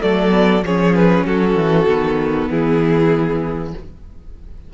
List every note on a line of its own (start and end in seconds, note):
0.00 0.63 F#3
0.00 0.30 A3
0.00 0.65 A4
0.00 0.64 D5
0.30 0.61 B3
0.63 1.25 F3
0.63 1.88 C#4
0.63 1.27 G#4
0.63 0.95 C#5
0.95 1.26 B4
1.25 1.56 F#3
1.25 2.50 F#4
1.25 2.50 A4
1.56 1.87 E3
1.88 2.49 D#3
1.88 3.74 B3
2.50 3.74 E3
2.50 3.74 E4
2.50 3.74 G#4